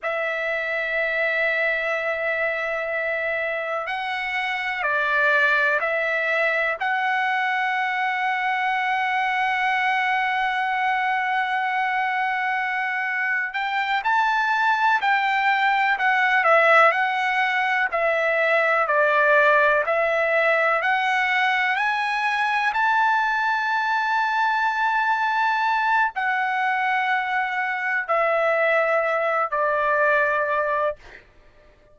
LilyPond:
\new Staff \with { instrumentName = "trumpet" } { \time 4/4 \tempo 4 = 62 e''1 | fis''4 d''4 e''4 fis''4~ | fis''1~ | fis''2 g''8 a''4 g''8~ |
g''8 fis''8 e''8 fis''4 e''4 d''8~ | d''8 e''4 fis''4 gis''4 a''8~ | a''2. fis''4~ | fis''4 e''4. d''4. | }